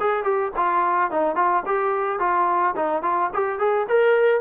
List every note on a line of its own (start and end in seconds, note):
0.00 0.23 G#4
0.23 0.51 G4
0.56 1.11 F4
1.11 1.35 D#4
1.35 1.63 F4
1.66 2.19 G4
2.19 2.75 F4
2.76 3.02 D#4
3.02 3.30 F4
3.34 3.59 G4
3.59 3.87 G#4
3.89 4.41 A#4